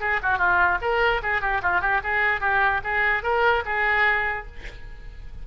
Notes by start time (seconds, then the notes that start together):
0.00 G#4
0.23 F#4
0.38 F4
0.81 A#4
1.22 G#4
1.41 G4
1.62 F4
1.81 G4
2.03 G#4
2.41 G4
2.84 G#4
3.23 A#4
3.65 G#4